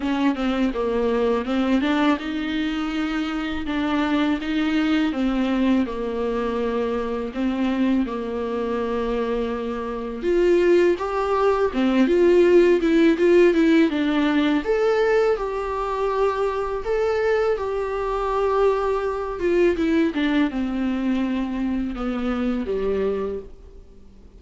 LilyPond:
\new Staff \with { instrumentName = "viola" } { \time 4/4 \tempo 4 = 82 cis'8 c'8 ais4 c'8 d'8 dis'4~ | dis'4 d'4 dis'4 c'4 | ais2 c'4 ais4~ | ais2 f'4 g'4 |
c'8 f'4 e'8 f'8 e'8 d'4 | a'4 g'2 a'4 | g'2~ g'8 f'8 e'8 d'8 | c'2 b4 g4 | }